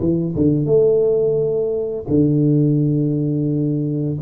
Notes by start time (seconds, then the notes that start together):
0.00 E3
0.36 D3
0.66 A3
2.08 D3